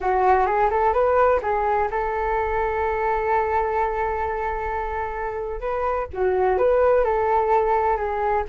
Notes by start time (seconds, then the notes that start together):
0.00 F#4
0.46 G#4
0.70 A4
0.93 B4
1.42 G#4
1.90 A4
5.60 B4
6.13 F#4
6.58 B4
7.04 A4
7.96 G#4